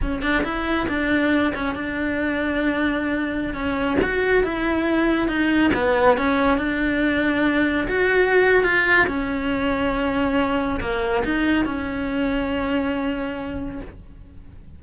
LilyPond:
\new Staff \with { instrumentName = "cello" } { \time 4/4 \tempo 4 = 139 cis'8 d'8 e'4 d'4. cis'8 | d'1~ | d'16 cis'4 fis'4 e'4.~ e'16~ | e'16 dis'4 b4 cis'4 d'8.~ |
d'2~ d'16 fis'4.~ fis'16 | f'4 cis'2.~ | cis'4 ais4 dis'4 cis'4~ | cis'1 | }